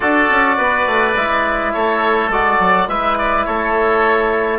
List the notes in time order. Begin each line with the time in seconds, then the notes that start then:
0.00 D4 F#4 A4 D5
0.30 C#4
0.57 B3 B4
0.86 A3
1.16 G#3 E4
1.73 A3 A4 C#5
2.28 G#3 F#4 D5
2.59 F#3
2.87 G#3 E4 B4 E5
3.17 D5
3.45 A3 A4 C#5